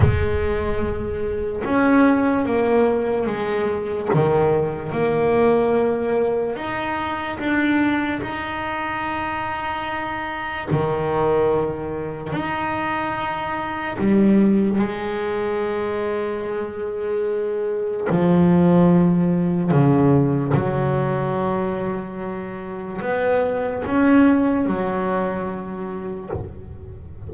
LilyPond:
\new Staff \with { instrumentName = "double bass" } { \time 4/4 \tempo 4 = 73 gis2 cis'4 ais4 | gis4 dis4 ais2 | dis'4 d'4 dis'2~ | dis'4 dis2 dis'4~ |
dis'4 g4 gis2~ | gis2 f2 | cis4 fis2. | b4 cis'4 fis2 | }